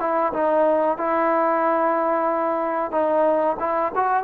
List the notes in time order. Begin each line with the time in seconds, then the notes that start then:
0.00 E4
0.33 D#4
0.98 E4
2.92 D#4
3.60 E4
3.96 F#4